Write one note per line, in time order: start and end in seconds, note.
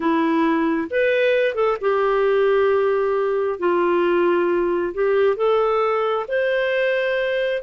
0.00 0.88 E4
0.90 1.54 B4
1.54 1.77 A4
1.80 3.59 G4
3.59 4.93 F4
4.94 5.36 G4
5.36 6.26 A4
6.28 7.62 C5